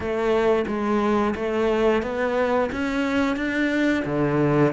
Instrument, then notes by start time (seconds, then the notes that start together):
cello
0.00 A3
0.67 G#3
1.35 A3
2.02 B3
2.72 C#4
3.36 D4
4.05 D3